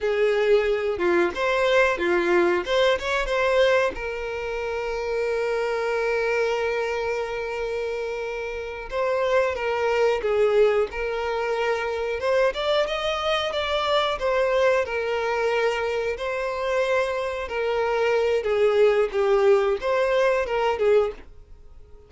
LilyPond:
\new Staff \with { instrumentName = "violin" } { \time 4/4 \tempo 4 = 91 gis'4. f'8 c''4 f'4 | c''8 cis''8 c''4 ais'2~ | ais'1~ | ais'4. c''4 ais'4 gis'8~ |
gis'8 ais'2 c''8 d''8 dis''8~ | dis''8 d''4 c''4 ais'4.~ | ais'8 c''2 ais'4. | gis'4 g'4 c''4 ais'8 gis'8 | }